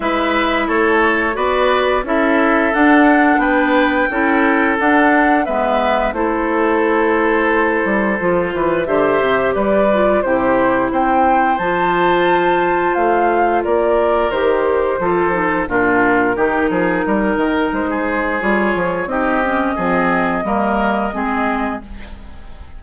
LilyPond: <<
  \new Staff \with { instrumentName = "flute" } { \time 4/4 \tempo 4 = 88 e''4 cis''4 d''4 e''4 | fis''4 g''2 fis''4 | e''4 c''2.~ | c''4 e''4 d''4 c''4 |
g''4 a''2 f''4 | d''4 c''2 ais'4~ | ais'2 c''4 cis''4 | dis''1 | }
  \new Staff \with { instrumentName = "oboe" } { \time 4/4 b'4 a'4 b'4 a'4~ | a'4 b'4 a'2 | b'4 a'2.~ | a'8 b'8 c''4 b'4 g'4 |
c''1 | ais'2 a'4 f'4 | g'8 gis'8 ais'4~ ais'16 gis'4.~ gis'16 | g'4 gis'4 ais'4 gis'4 | }
  \new Staff \with { instrumentName = "clarinet" } { \time 4/4 e'2 fis'4 e'4 | d'2 e'4 d'4 | b4 e'2. | f'4 g'4. f'8 e'4~ |
e'4 f'2.~ | f'4 g'4 f'8 dis'8 d'4 | dis'2. f'4 | dis'8 cis'8 c'4 ais4 c'4 | }
  \new Staff \with { instrumentName = "bassoon" } { \time 4/4 gis4 a4 b4 cis'4 | d'4 b4 cis'4 d'4 | gis4 a2~ a8 g8 | f8 e8 d8 c8 g4 c4 |
c'4 f2 a4 | ais4 dis4 f4 ais,4 | dis8 f8 g8 dis8 gis4 g8 f8 | c'4 f4 g4 gis4 | }
>>